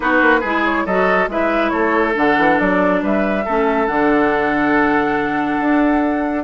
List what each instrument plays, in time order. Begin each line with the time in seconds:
0.00 bassoon B3, clarinet D#4, oboe F#4, flute B4
0.21 bassoon A#3
0.40 bassoon G#3, clarinet E4, oboe G#4
0.64 flute C#5
0.85 bassoon F#3, clarinet F#4, oboe A4, flute D#5
1.28 bassoon G#3, clarinet E4, oboe B4, flute E5
1.69 bassoon A3, oboe A4, flute C#5
2.14 bassoon D3, clarinet D4, flute F#5
2.38 bassoon E3
2.59 bassoon F#3, flute D5
3.02 bassoon G3, oboe B4, flute E5
3.44 bassoon A3, clarinet C#4, oboe A4
3.87 bassoon D3, clarinet D4, flute F#5
5.60 bassoon D4